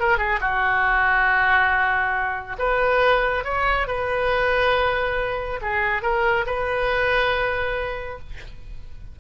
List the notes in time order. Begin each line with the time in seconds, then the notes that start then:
0.00 A#4
0.18 G#4
0.41 F#4
2.59 B4
3.44 C#5
3.88 B4
5.62 G#4
6.02 A#4
6.46 B4